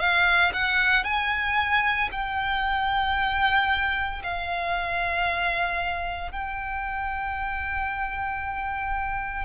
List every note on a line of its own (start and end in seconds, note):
0.00 0.53 F5
0.54 1.04 F#5
1.04 2.10 G#5
2.12 4.22 G5
4.23 6.32 F5
6.32 9.45 G5